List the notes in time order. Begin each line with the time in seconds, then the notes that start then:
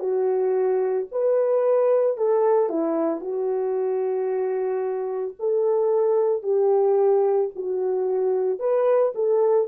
0.00 F#4
1.12 B4
2.17 A4
2.69 E4
3.21 F#4
5.40 A4
6.43 G4
7.56 F#4
8.60 B4
9.15 A4